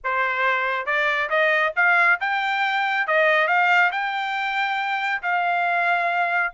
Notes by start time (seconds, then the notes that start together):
0.03 C5
0.86 D5
1.29 D#5
1.76 F5
2.20 G5
3.07 D#5
3.47 F5
3.91 G5
5.22 F5